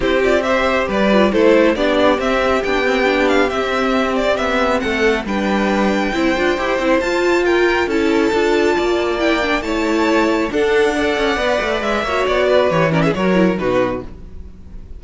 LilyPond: <<
  \new Staff \with { instrumentName = "violin" } { \time 4/4 \tempo 4 = 137 c''8 d''8 e''4 d''4 c''4 | d''4 e''4 g''4. f''8 | e''4. d''8 e''4 fis''4 | g''1 |
a''4 g''4 a''2~ | a''4 g''4 a''2 | fis''2. e''4 | d''4 cis''8 d''16 e''16 cis''4 b'4 | }
  \new Staff \with { instrumentName = "violin" } { \time 4/4 g'4 c''4 b'4 a'4 | g'1~ | g'2. a'4 | b'2 c''2~ |
c''4 ais'4 a'2 | d''2 cis''2 | a'4 d''2~ d''8 cis''8~ | cis''8 b'4 ais'16 gis'16 ais'4 fis'4 | }
  \new Staff \with { instrumentName = "viola" } { \time 4/4 e'8 f'8 g'4. f'8 e'4 | d'4 c'4 d'8 c'8 d'4 | c'1 | d'2 e'8 f'8 g'8 e'8 |
f'2 e'4 f'4~ | f'4 e'8 d'8 e'2 | d'4 a'4 b'4. fis'8~ | fis'4 g'8 cis'8 fis'8 e'8 dis'4 | }
  \new Staff \with { instrumentName = "cello" } { \time 4/4 c'2 g4 a4 | b4 c'4 b2 | c'2 b4 a4 | g2 c'8 d'8 e'8 c'8 |
f'2 cis'4 d'4 | ais2 a2 | d'4. cis'8 b8 a8 gis8 ais8 | b4 e4 fis4 b,4 | }
>>